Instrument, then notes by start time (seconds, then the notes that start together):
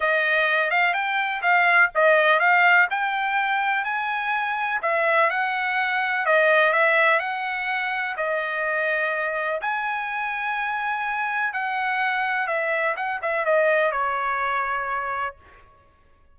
trumpet
0.00 D#5
0.70 F5
0.93 G5
1.41 F5
1.94 D#5
2.39 F5
2.90 G5
3.84 G#5
4.82 E5
5.30 F#5
6.25 D#5
6.72 E5
7.19 F#5
8.16 D#5
9.61 G#5
11.53 F#5
12.47 E5
12.96 F#5
13.21 E5
13.45 D#5
13.91 C#5